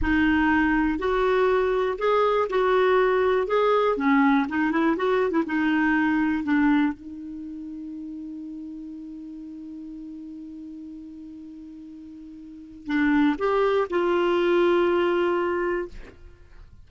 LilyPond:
\new Staff \with { instrumentName = "clarinet" } { \time 4/4 \tempo 4 = 121 dis'2 fis'2 | gis'4 fis'2 gis'4 | cis'4 dis'8 e'8 fis'8. e'16 dis'4~ | dis'4 d'4 dis'2~ |
dis'1~ | dis'1~ | dis'2 d'4 g'4 | f'1 | }